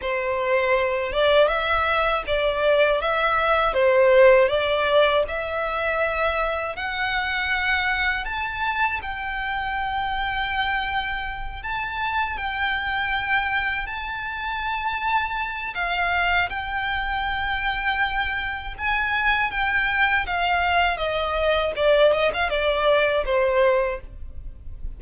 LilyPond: \new Staff \with { instrumentName = "violin" } { \time 4/4 \tempo 4 = 80 c''4. d''8 e''4 d''4 | e''4 c''4 d''4 e''4~ | e''4 fis''2 a''4 | g''2.~ g''8 a''8~ |
a''8 g''2 a''4.~ | a''4 f''4 g''2~ | g''4 gis''4 g''4 f''4 | dis''4 d''8 dis''16 f''16 d''4 c''4 | }